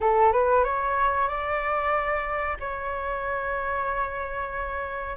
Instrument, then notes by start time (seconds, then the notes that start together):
flute
0.01 A4
0.32 B4
0.64 C#5
1.28 D5
2.60 C#5